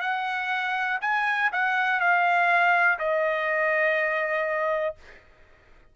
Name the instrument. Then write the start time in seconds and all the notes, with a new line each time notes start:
trumpet
0.00 F#5
1.01 G#5
1.52 F#5
2.00 F5
2.98 D#5